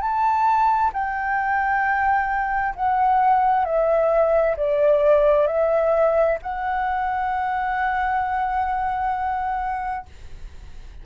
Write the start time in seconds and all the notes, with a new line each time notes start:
0.00 A5
0.93 G5
2.75 F#5
3.64 E5
4.56 D5
5.47 E5
6.42 F#5